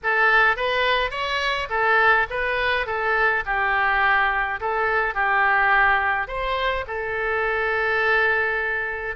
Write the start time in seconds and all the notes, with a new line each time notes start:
0.03 A4
0.56 B4
1.11 C#5
1.69 A4
2.30 B4
2.86 A4
3.45 G4
4.60 A4
5.14 G4
6.27 C5
6.87 A4